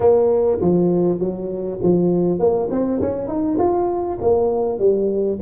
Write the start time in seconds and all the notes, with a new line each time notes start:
0.00 A#3
0.61 F3
1.19 F#3
1.82 F3
2.39 A#3
2.71 C4
3.01 C#4
3.27 D#4
3.58 F4
4.21 A#3
4.78 G3